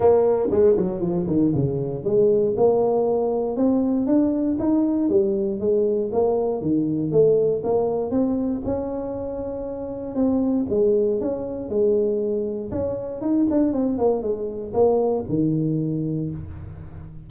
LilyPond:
\new Staff \with { instrumentName = "tuba" } { \time 4/4 \tempo 4 = 118 ais4 gis8 fis8 f8 dis8 cis4 | gis4 ais2 c'4 | d'4 dis'4 g4 gis4 | ais4 dis4 a4 ais4 |
c'4 cis'2. | c'4 gis4 cis'4 gis4~ | gis4 cis'4 dis'8 d'8 c'8 ais8 | gis4 ais4 dis2 | }